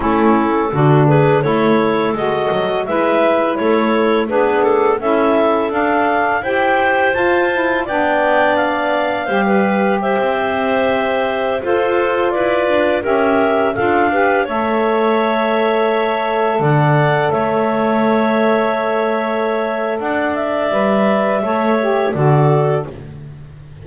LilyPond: <<
  \new Staff \with { instrumentName = "clarinet" } { \time 4/4 \tempo 4 = 84 a'4. b'8 cis''4 dis''4 | e''4 cis''4 b'8 a'8 e''4 | f''4 g''4 a''4 g''4 | f''2 e''2~ |
e''16 c''4 d''4 e''4 f''8.~ | f''16 e''2. fis''8.~ | fis''16 e''2.~ e''8. | fis''8 e''2~ e''8 d''4 | }
  \new Staff \with { instrumentName = "clarinet" } { \time 4/4 e'4 fis'8 gis'8 a'2 | b'4 a'4 gis'4 a'4~ | a'4 c''2 d''4~ | d''4 c''16 b'8. c''2~ |
c''16 a'4 b'4 ais'4 a'8 b'16~ | b'16 cis''2. d''8.~ | d''16 cis''2.~ cis''8. | d''2 cis''4 a'4 | }
  \new Staff \with { instrumentName = "saxophone" } { \time 4/4 cis'4 d'4 e'4 fis'4 | e'2 d'4 e'4 | d'4 g'4 f'8 e'8 d'4~ | d'4 g'2.~ |
g'16 f'2 g'4 f'8 g'16~ | g'16 a'2.~ a'8.~ | a'1~ | a'4 b'4 a'8 g'8 fis'4 | }
  \new Staff \with { instrumentName = "double bass" } { \time 4/4 a4 d4 a4 gis8 fis8 | gis4 a4 b4 cis'4 | d'4 e'4 f'4 b4~ | b4 g4~ g16 c'4.~ c'16~ |
c'16 f'4 e'8 d'8 cis'4 d'8.~ | d'16 a2. d8.~ | d16 a2.~ a8. | d'4 g4 a4 d4 | }
>>